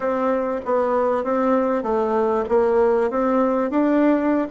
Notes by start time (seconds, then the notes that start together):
0.00 C4
0.65 B3
1.23 C4
1.82 A3
2.49 A#3
3.10 C4
3.70 D4